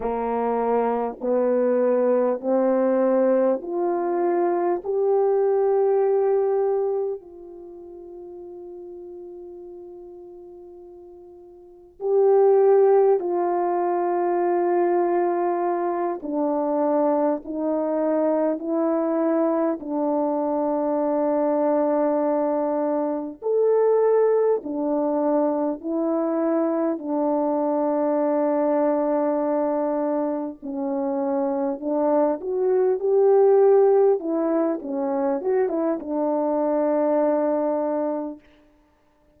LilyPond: \new Staff \with { instrumentName = "horn" } { \time 4/4 \tempo 4 = 50 ais4 b4 c'4 f'4 | g'2 f'2~ | f'2 g'4 f'4~ | f'4. d'4 dis'4 e'8~ |
e'8 d'2. a'8~ | a'8 d'4 e'4 d'4.~ | d'4. cis'4 d'8 fis'8 g'8~ | g'8 e'8 cis'8 fis'16 e'16 d'2 | }